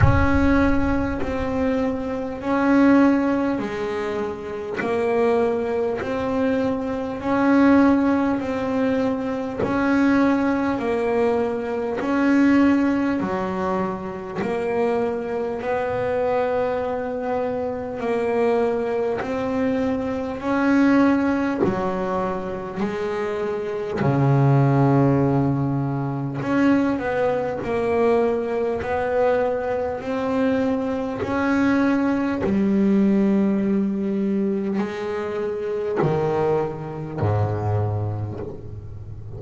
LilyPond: \new Staff \with { instrumentName = "double bass" } { \time 4/4 \tempo 4 = 50 cis'4 c'4 cis'4 gis4 | ais4 c'4 cis'4 c'4 | cis'4 ais4 cis'4 fis4 | ais4 b2 ais4 |
c'4 cis'4 fis4 gis4 | cis2 cis'8 b8 ais4 | b4 c'4 cis'4 g4~ | g4 gis4 dis4 gis,4 | }